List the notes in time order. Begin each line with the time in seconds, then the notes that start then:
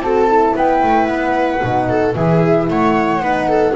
0.00 C4 F#4 A4 A5
0.27 E4
0.56 B3 B4 G5
0.83 A3
1.06 B3 F#5
1.62 B2 D#4
1.89 A4
2.15 E3 E4 G#4 E5
2.69 A3 C#5 F#5
3.20 B3 D#4 B4
3.48 A4